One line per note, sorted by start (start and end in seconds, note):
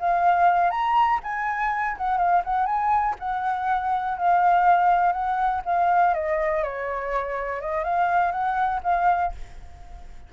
0.00 0.71 F5
0.71 1.20 A#5
1.24 1.97 G#5
1.98 2.18 F#5
2.18 2.43 F5
2.45 2.66 F#5
2.66 3.16 G#5
3.19 4.18 F#5
4.18 5.13 F5
5.13 5.62 F#5
5.66 6.14 F5
6.14 6.63 D#5
6.63 7.61 C#5
7.61 7.84 D#5
7.84 8.32 F5
8.32 8.81 F#5
8.84 9.33 F5